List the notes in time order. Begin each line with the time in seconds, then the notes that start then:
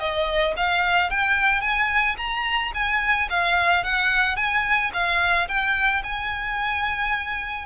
0.00 D#5
0.57 F5
1.11 G5
1.61 G#5
2.17 A#5
2.74 G#5
3.30 F5
3.84 F#5
4.36 G#5
4.93 F5
5.48 G5
6.03 G#5